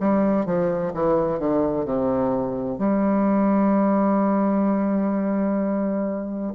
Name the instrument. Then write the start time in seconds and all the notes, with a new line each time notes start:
bassoon
0.00 G3
0.46 F3
0.94 E3
1.40 D3
1.85 C3
2.79 G3